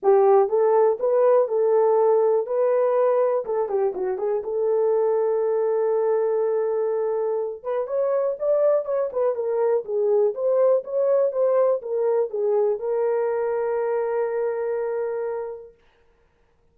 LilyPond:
\new Staff \with { instrumentName = "horn" } { \time 4/4 \tempo 4 = 122 g'4 a'4 b'4 a'4~ | a'4 b'2 a'8 g'8 | fis'8 gis'8 a'2.~ | a'2.~ a'8 b'8 |
cis''4 d''4 cis''8 b'8 ais'4 | gis'4 c''4 cis''4 c''4 | ais'4 gis'4 ais'2~ | ais'1 | }